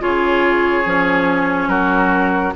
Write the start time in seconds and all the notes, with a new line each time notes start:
0.00 C#3 F4 G#4 C#5
0.86 F3 C#4
1.68 F#3 F#4 A#4